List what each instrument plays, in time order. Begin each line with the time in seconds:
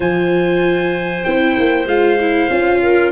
0.00 tuba F3, viola F4, clarinet C5, trumpet G#5
1.23 tuba C4, viola E4, trumpet G5
1.59 tuba A#3
1.85 tuba G#3, viola F4, trumpet F5
2.19 viola E4
2.49 tuba C#4, viola F4
2.81 clarinet A#4